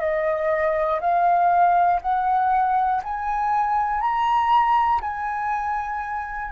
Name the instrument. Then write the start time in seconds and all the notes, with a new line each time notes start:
flute
0.00 D#5
1.00 F5
2.01 F#5
3.04 G#5
4.01 A#5
5.01 G#5